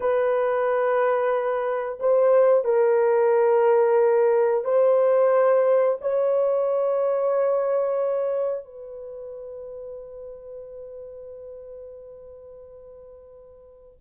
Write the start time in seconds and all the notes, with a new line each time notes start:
0.00 B4
1.99 C5
2.64 A#4
4.64 C5
6.01 C#5
8.64 B4